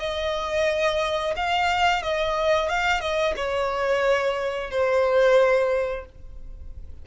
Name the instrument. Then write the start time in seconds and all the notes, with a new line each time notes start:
violin
0.00 D#5
1.37 F5
2.03 D#5
2.69 F5
3.01 D#5
3.37 C#5
4.71 C5